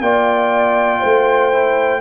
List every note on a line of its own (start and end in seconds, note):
0.00 1.00 A#3
0.00 1.52 F4
0.00 1.00 D5
0.00 2.01 G5
1.00 2.01 A3
1.00 2.00 C5
1.52 2.01 E4